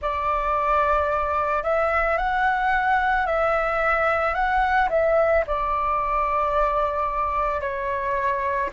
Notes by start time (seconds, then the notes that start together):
0.01 D5
1.63 E5
2.17 F#5
3.26 E5
4.34 F#5
4.89 E5
5.46 D5
7.60 C#5